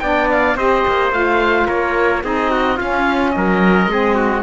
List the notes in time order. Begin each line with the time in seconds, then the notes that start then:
0.00 B3 D4 D5 G5
0.32 F5
0.56 C4 G4 C5 D#5
0.88 A#3
1.12 A3 F4 F5
1.67 A#3 A#4 C#5
2.23 C4 D#4 G#4 D#5
2.51 F#4
2.77 C#4 F4 F5
3.31 F#3 A#4 D#5
3.87 G#3 C4 G#4
4.15 F#4